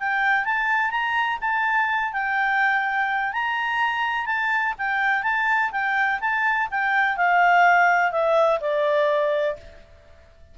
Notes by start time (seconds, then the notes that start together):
0.00 G5
0.45 A5
0.91 A#5
1.41 A5
2.13 G5
3.33 A#5
4.27 A5
4.79 G5
5.23 A5
5.72 G5
6.21 A5
6.71 G5
7.17 F5
8.12 E5
8.61 D5